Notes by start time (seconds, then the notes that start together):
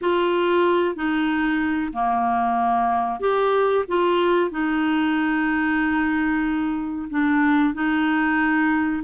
0.01 F4
0.95 D#4
1.93 A#3
3.20 G4
3.87 F4
4.50 D#4
7.10 D4
7.74 D#4